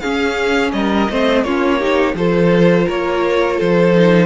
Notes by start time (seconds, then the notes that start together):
0.00 C#4 G#4 F5
0.72 G3 A#4 D#5
1.10 A3 C4 C5
1.43 A#3 C#4 F4 C#5
1.79 D#4 G4
2.15 F3 F4 A4 C5
2.86 A#3 A#4 C#5
3.57 F3 A4 C5
3.95 D#4